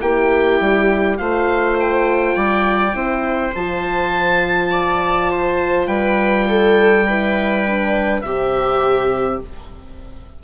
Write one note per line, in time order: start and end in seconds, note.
0.00 0.60 A#3
0.00 1.18 E4
0.00 1.19 G4
0.00 1.17 G5
0.60 1.19 G3
1.17 2.35 A3
1.17 2.93 F4
1.17 2.36 C5
1.17 1.76 F5
1.79 3.55 G5
2.35 2.94 G3
2.35 2.95 D5
2.93 3.53 C4
2.93 3.51 E4
2.93 4.71 C5
3.54 5.86 F3
3.54 7.08 F4
3.54 5.87 A5
4.71 5.30 D5
5.31 5.87 C5
5.86 8.21 G3
5.86 6.46 B4
5.86 8.21 G5
6.48 7.06 A4
7.06 7.66 E4
7.06 8.24 B4
7.66 8.24 D4
8.21 9.39 C3
8.21 9.41 C4
8.21 9.43 G4
8.21 9.39 E5